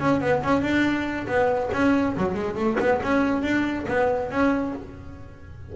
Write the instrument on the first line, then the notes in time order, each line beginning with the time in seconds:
double bass
0.00 C#4
0.21 B3
0.44 C#4
0.63 D4
1.28 B3
1.73 C#4
2.17 F#3
2.35 G#3
2.56 A3
2.80 B3
3.03 C#4
3.43 D4
3.88 B3
4.31 C#4